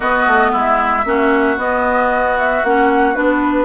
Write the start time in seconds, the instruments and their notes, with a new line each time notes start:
0.00 bassoon B3, clarinet B3, oboe F#4, flute D#5
0.27 bassoon A3
0.52 bassoon G#3, oboe E4, flute E5
1.04 bassoon A#3, clarinet C#4, oboe F#4
1.57 bassoon B3, clarinet B3, flute D#5
2.38 flute E5
2.63 bassoon A#3, clarinet C#4, flute F#5
3.14 bassoon B3, clarinet D4, flute B4